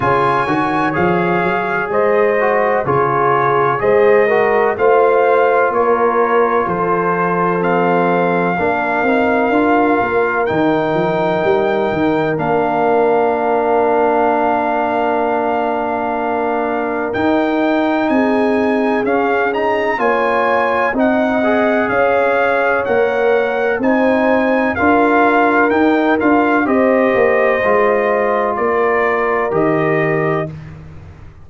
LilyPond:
<<
  \new Staff \with { instrumentName = "trumpet" } { \time 4/4 \tempo 4 = 63 gis''4 f''4 dis''4 cis''4 | dis''4 f''4 cis''4 c''4 | f''2. g''4~ | g''4 f''2.~ |
f''2 g''4 gis''4 | f''8 ais''8 gis''4 fis''4 f''4 | fis''4 gis''4 f''4 g''8 f''8 | dis''2 d''4 dis''4 | }
  \new Staff \with { instrumentName = "horn" } { \time 4/4 cis''2 c''4 gis'4 | c''8 ais'8 c''4 ais'4 a'4~ | a'4 ais'2.~ | ais'1~ |
ais'2. gis'4~ | gis'4 cis''4 dis''4 cis''4~ | cis''4 c''4 ais'2 | c''2 ais'2 | }
  \new Staff \with { instrumentName = "trombone" } { \time 4/4 f'8 fis'8 gis'4. fis'8 f'4 | gis'8 fis'8 f'2. | c'4 d'8 dis'8 f'4 dis'4~ | dis'4 d'2.~ |
d'2 dis'2 | cis'8 dis'8 f'4 dis'8 gis'4. | ais'4 dis'4 f'4 dis'8 f'8 | g'4 f'2 g'4 | }
  \new Staff \with { instrumentName = "tuba" } { \time 4/4 cis8 dis8 f8 fis8 gis4 cis4 | gis4 a4 ais4 f4~ | f4 ais8 c'8 d'8 ais8 dis8 f8 | g8 dis8 ais2.~ |
ais2 dis'4 c'4 | cis'4 ais4 c'4 cis'4 | ais4 c'4 d'4 dis'8 d'8 | c'8 ais8 gis4 ais4 dis4 | }
>>